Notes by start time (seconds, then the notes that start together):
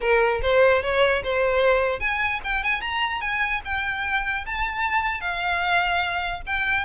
0.01 A#4
0.42 C5
0.82 C#5
1.23 C5
2.00 G#5
2.44 G5
2.63 G#5
2.81 A#5
3.21 G#5
3.64 G5
4.46 A5
5.20 F5
6.46 G5